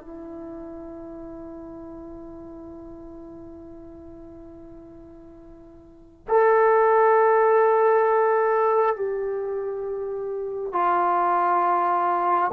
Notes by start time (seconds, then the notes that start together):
0.00 E4
6.28 A4
8.96 G4
10.72 F4